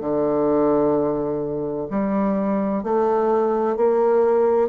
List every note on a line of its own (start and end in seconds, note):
0.00 1.87 D3
1.90 2.83 G3
2.83 3.77 A3
3.77 4.69 A#3